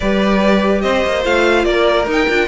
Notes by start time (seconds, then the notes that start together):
0.00 G3 G4 B4 D5
0.81 C4 C5 D#5
1.04 A#3
1.23 A3 F4 F5
1.64 A#3 A#4 D5
2.06 D#4 G5
2.28 D4 F4